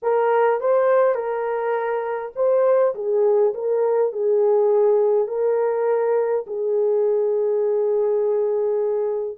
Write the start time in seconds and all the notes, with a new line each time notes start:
0.02 A#4
0.60 C5
1.14 A#4
2.35 C5
2.94 G#4
3.53 A#4
4.12 G#4
5.27 A#4
6.46 G#4